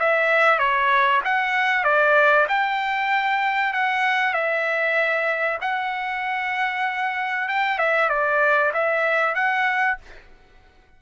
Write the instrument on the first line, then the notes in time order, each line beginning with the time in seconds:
trumpet
0.00 E5
0.59 C#5
1.25 F#5
1.85 D5
2.49 G5
3.74 F#5
4.34 E5
5.61 F#5
7.49 G5
7.79 E5
8.10 D5
8.74 E5
9.36 F#5